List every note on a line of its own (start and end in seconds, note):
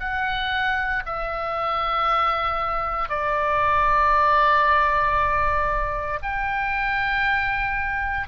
0.00 1.03 F#5
1.06 3.09 E5
3.09 6.19 D5
6.22 8.28 G5